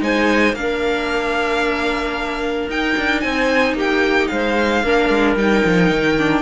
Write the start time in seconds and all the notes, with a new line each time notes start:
0.00 G#3 D#4 C5 G#5
0.53 A#3 D4 A#4 F5
2.68 D#4 G5
2.97 D4
3.20 C4 C5 G#5
3.74 A#3 G4 G5
4.27 G#3 C5 F5
4.83 A#3 D4 A#4
5.09 G#3
5.35 G3 D#4 G5
5.65 F3
5.90 D#3
6.18 D4